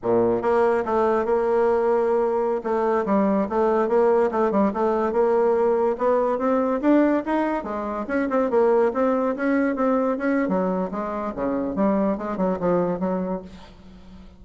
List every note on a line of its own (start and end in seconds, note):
0.02 0.42 A#2
0.42 0.84 A#3
0.85 1.25 A3
1.25 2.61 A#3
2.63 3.05 A3
3.05 3.47 G3
3.49 3.88 A3
3.88 4.30 A#3
4.31 4.51 A3
4.51 4.72 G3
4.73 5.12 A3
5.12 5.96 A#3
5.98 6.38 B3
6.38 6.80 C4
6.81 7.23 D4
7.25 7.63 D#4
7.63 8.05 G#3
8.07 8.28 C#4
8.29 8.50 C4
8.50 8.92 A#3
8.93 9.35 C4
9.36 9.75 C#4
9.75 10.17 C4
10.17 10.48 C#4
10.48 10.90 F#3
10.91 11.33 G#3
11.35 11.75 C#3
11.75 12.17 G3
12.17 12.37 G#3
12.37 12.58 F#3
12.59 12.99 F3
12.99 13.41 F#3